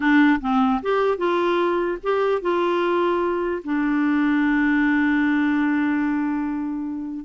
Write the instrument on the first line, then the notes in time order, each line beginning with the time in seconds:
clarinet
0.00 D4
0.40 C4
0.82 G4
1.17 F4
2.03 G4
2.41 F4
3.64 D4